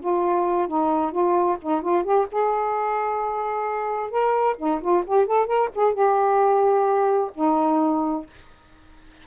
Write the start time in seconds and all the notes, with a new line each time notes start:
0.00 F4
0.68 D#4
1.12 F4
1.62 D#4
1.82 F4
2.04 G4
2.32 G#4
4.11 A#4
4.58 D#4
4.81 F4
5.07 G4
5.27 A4
5.47 A#4
5.75 G#4
5.94 G4
7.35 D#4